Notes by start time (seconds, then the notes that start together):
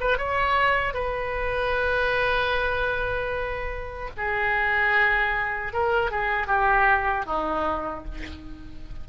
0.00 B4
0.18 C#5
0.94 B4
4.17 G#4
5.73 A#4
6.11 G#4
6.47 G4
7.25 D#4